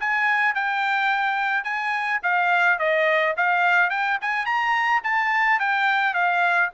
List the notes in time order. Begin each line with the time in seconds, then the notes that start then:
0.00 G#5
0.55 G5
1.64 G#5
2.23 F5
2.79 D#5
3.37 F5
3.90 G5
4.22 G#5
4.46 A#5
5.04 A5
5.60 G5
6.14 F5